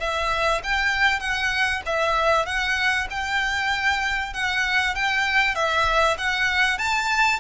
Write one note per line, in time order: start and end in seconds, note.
0.00 0.62 E5
0.64 1.20 G5
1.20 1.82 F#5
1.86 2.46 E5
2.46 3.08 F#5
3.10 4.34 G5
4.34 4.95 F#5
4.95 5.55 G5
5.55 6.17 E5
6.18 6.78 F#5
6.78 7.40 A5